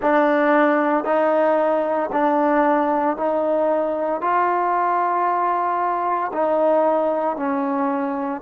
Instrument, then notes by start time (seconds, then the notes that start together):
trombone
0.01 D4
1.04 D#4
2.12 D4
3.16 D#4
4.21 F4
6.32 D#4
7.36 C#4